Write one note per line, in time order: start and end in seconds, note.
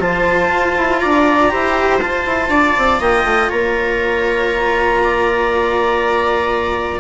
0.00 0.49 F3
0.00 1.50 F4
0.00 1.01 C5
0.00 1.00 A5
0.49 0.74 F4
0.77 1.02 E4
1.00 1.53 D4
1.00 1.51 D5
1.00 2.00 A#5
1.50 2.01 E4
1.50 2.00 G4
1.50 2.50 C5
2.01 2.26 F4
2.01 7.00 F4
2.01 3.01 A5
2.26 2.49 E4
2.49 2.74 D4
2.49 3.00 D5
2.78 3.00 C4
3.00 3.24 A#3
3.00 3.49 D#5
3.00 3.50 G5
3.24 3.49 A3
3.49 7.00 A#3
3.49 4.99 C#5
3.49 7.00 A#5
5.03 7.00 D5